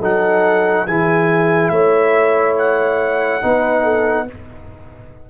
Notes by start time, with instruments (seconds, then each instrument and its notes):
0.00 tuba F#3, trombone D#4, horn A4, trumpet F#5
0.87 tuba E3, trombone E4, horn G#4, trumpet G#5
1.69 tuba A3, horn C#5, trumpet E5
2.58 trumpet F#5
3.42 tuba B3, trombone D#4, horn B4
3.83 horn A4